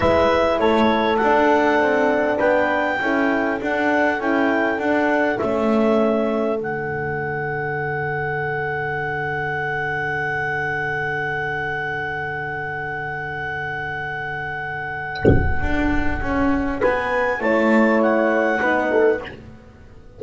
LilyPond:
<<
  \new Staff \with { instrumentName = "clarinet" } { \time 4/4 \tempo 4 = 100 e''4 cis''4 fis''2 | g''2 fis''4 g''4 | fis''4 e''2 fis''4~ | fis''1~ |
fis''1~ | fis''1~ | fis''1 | gis''4 a''4 fis''2 | }
  \new Staff \with { instrumentName = "horn" } { \time 4/4 b'4 a'2. | b'4 a'2.~ | a'1~ | a'1~ |
a'1~ | a'1~ | a'1 | b'4 cis''2 b'8 a'8 | }
  \new Staff \with { instrumentName = "horn" } { \time 4/4 e'2 d'2~ | d'4 e'4 d'4 e'4 | d'4 cis'2 d'4~ | d'1~ |
d'1~ | d'1~ | d'1~ | d'4 e'2 dis'4 | }
  \new Staff \with { instrumentName = "double bass" } { \time 4/4 gis4 a4 d'4 c'4 | b4 cis'4 d'4 cis'4 | d'4 a2 d4~ | d1~ |
d1~ | d1~ | d2 d'4 cis'4 | b4 a2 b4 | }
>>